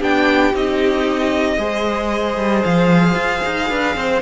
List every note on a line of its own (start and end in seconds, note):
0.00 0.54 B3
0.00 0.54 D4
0.00 1.58 G4
0.00 0.56 G5
0.54 1.58 C4
0.54 1.59 D#4
0.54 2.65 D#5
1.58 2.37 G#3
1.58 4.22 G#4
1.58 3.70 C5
2.37 2.63 G3
2.65 3.15 F3
2.65 4.22 F5
3.15 3.41 F4
3.46 3.71 D#4
3.70 3.96 D4
3.70 3.96 B4
3.96 4.22 C4
3.96 4.22 C5